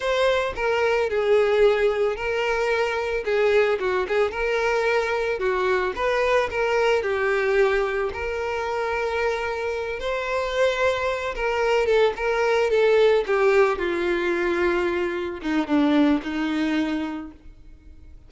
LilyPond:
\new Staff \with { instrumentName = "violin" } { \time 4/4 \tempo 4 = 111 c''4 ais'4 gis'2 | ais'2 gis'4 fis'8 gis'8 | ais'2 fis'4 b'4 | ais'4 g'2 ais'4~ |
ais'2~ ais'8 c''4.~ | c''4 ais'4 a'8 ais'4 a'8~ | a'8 g'4 f'2~ f'8~ | f'8 dis'8 d'4 dis'2 | }